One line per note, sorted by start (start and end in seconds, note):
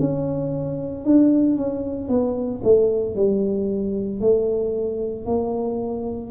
0.00 1.04 C#4
1.04 1.56 D4
1.56 2.09 C#4
2.09 2.62 B3
2.64 3.15 A3
3.15 4.21 G3
4.21 5.26 A3
5.26 6.31 A#3